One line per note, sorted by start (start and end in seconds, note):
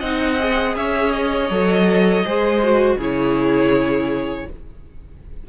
0.00 0.76 C4
0.00 0.40 D#4
0.00 0.74 D#5
0.00 0.75 F#5
0.40 1.51 G#4
0.76 1.50 C#4
0.76 2.26 C#5
0.76 1.12 E5
1.12 2.97 D#5
1.50 2.24 F#3
1.50 2.25 A4
2.25 2.96 G#3
2.25 2.62 G#4
2.25 2.98 C5
2.64 3.00 F#4
2.96 4.44 C#3
2.96 4.49 E4
2.96 4.46 G#4
2.96 4.50 C#5